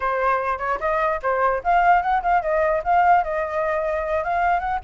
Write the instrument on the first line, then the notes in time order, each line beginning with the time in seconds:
flute
0.00 C5
0.58 C#5
0.80 D#5
1.22 C5
1.63 F5
2.02 F#5
2.22 F5
2.42 D#5
2.84 F5
3.23 D#5
4.24 F5
4.59 F#5